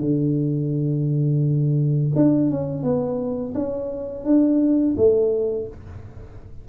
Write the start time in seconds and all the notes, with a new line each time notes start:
0.00 D3
2.16 D4
2.51 C#4
2.83 B3
3.55 C#4
4.24 D4
4.97 A3